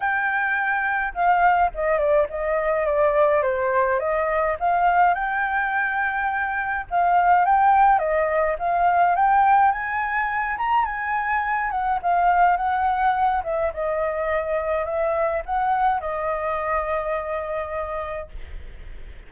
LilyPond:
\new Staff \with { instrumentName = "flute" } { \time 4/4 \tempo 4 = 105 g''2 f''4 dis''8 d''8 | dis''4 d''4 c''4 dis''4 | f''4 g''2. | f''4 g''4 dis''4 f''4 |
g''4 gis''4. ais''8 gis''4~ | gis''8 fis''8 f''4 fis''4. e''8 | dis''2 e''4 fis''4 | dis''1 | }